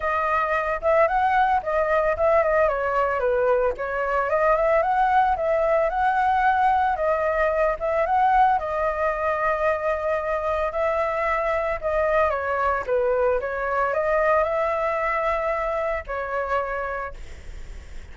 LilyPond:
\new Staff \with { instrumentName = "flute" } { \time 4/4 \tempo 4 = 112 dis''4. e''8 fis''4 dis''4 | e''8 dis''8 cis''4 b'4 cis''4 | dis''8 e''8 fis''4 e''4 fis''4~ | fis''4 dis''4. e''8 fis''4 |
dis''1 | e''2 dis''4 cis''4 | b'4 cis''4 dis''4 e''4~ | e''2 cis''2 | }